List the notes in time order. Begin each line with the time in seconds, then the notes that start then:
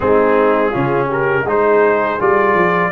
0.00 G#3 C4 D#4 G#4
0.69 C#3 C#4 F4
1.07 G4 A#4
1.44 G#3 D#4 G#4 C5
2.19 G3 F4 D5
2.54 F3